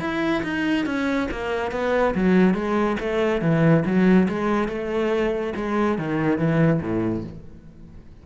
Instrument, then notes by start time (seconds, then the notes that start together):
cello
0.00 E4
0.43 D#4
0.86 C#4
1.31 A#3
1.72 B3
2.15 F#3
2.54 G#3
3.00 A3
3.41 E3
3.85 F#3
4.29 G#3
4.68 A3
5.56 G#3
5.98 D#3
6.38 E3
6.81 A2